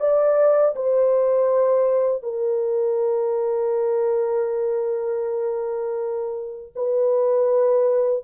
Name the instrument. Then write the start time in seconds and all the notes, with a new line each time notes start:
horn
0.00 D5
0.76 C5
2.23 A#4
6.76 B4